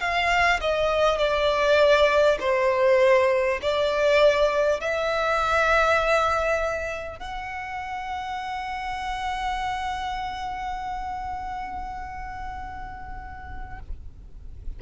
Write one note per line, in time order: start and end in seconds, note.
0.00 0.60 F5
0.61 1.18 D#5
1.18 2.38 D5
2.40 3.60 C5
3.62 4.81 D5
4.81 7.19 E5
7.19 13.79 F#5